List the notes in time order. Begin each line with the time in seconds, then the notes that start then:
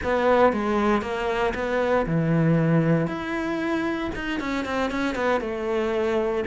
0.03 B3
0.52 G#3
1.01 A#3
1.54 B3
2.06 E3
3.07 E4
4.15 D#4
4.40 C#4
4.65 C4
4.90 C#4
5.15 B3
5.40 A3